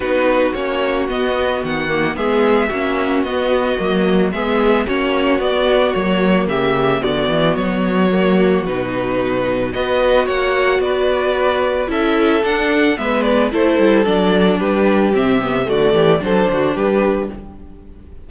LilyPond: <<
  \new Staff \with { instrumentName = "violin" } { \time 4/4 \tempo 4 = 111 b'4 cis''4 dis''4 fis''4 | e''2 dis''2 | e''4 cis''4 d''4 cis''4 | e''4 d''4 cis''2 |
b'2 dis''4 fis''4 | d''2 e''4 fis''4 | e''8 d''8 c''4 d''4 b'4 | e''4 d''4 c''4 b'4 | }
  \new Staff \with { instrumentName = "violin" } { \time 4/4 fis'1 | gis'4 fis'2. | gis'4 fis'2. | g'4 fis'2.~ |
fis'2 b'4 cis''4 | b'2 a'2 | b'4 a'2 g'4~ | g'4 fis'8 g'8 a'8 fis'8 g'4 | }
  \new Staff \with { instrumentName = "viola" } { \time 4/4 dis'4 cis'4 b4. ais8 | b4 cis'4 b4 ais4 | b4 cis'4 b4 ais4~ | ais4 b2 ais4 |
dis'2 fis'2~ | fis'2 e'4 d'4 | b4 e'4 d'2 | c'8 b8 a4 d'2 | }
  \new Staff \with { instrumentName = "cello" } { \time 4/4 b4 ais4 b4 dis4 | gis4 ais4 b4 fis4 | gis4 ais4 b4 fis4 | cis4 d8 e8 fis2 |
b,2 b4 ais4 | b2 cis'4 d'4 | gis4 a8 g8 fis4 g4 | c4 d8 e8 fis8 d8 g4 | }
>>